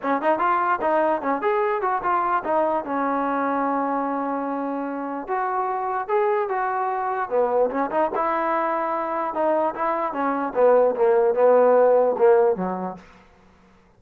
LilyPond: \new Staff \with { instrumentName = "trombone" } { \time 4/4 \tempo 4 = 148 cis'8 dis'8 f'4 dis'4 cis'8 gis'8~ | gis'8 fis'8 f'4 dis'4 cis'4~ | cis'1~ | cis'4 fis'2 gis'4 |
fis'2 b4 cis'8 dis'8 | e'2. dis'4 | e'4 cis'4 b4 ais4 | b2 ais4 fis4 | }